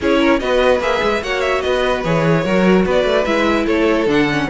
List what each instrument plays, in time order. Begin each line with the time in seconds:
0.00 cello C#4, viola E4, violin G#4 C#5
0.19 violin A#4
0.39 cello B3, viola F#4, violin B4 D#5
0.79 cello A#3, viola G#4, violin E5
1.02 cello G#3
1.22 cello A#3, viola F#4, violin C#5 F#5
1.40 violin E5
1.61 cello B3, violin B4 D#5
2.04 cello E3, viola G#4, violin C#5
2.44 cello F#3, viola F#4, violin A#4
2.85 cello B3, violin B4 D5
3.04 cello A3
3.24 cello G#3, viola E4, violin E5
3.65 cello A3, violin A4 C#5
4.06 cello D3, viola D4, violin F#5
4.30 viola C#4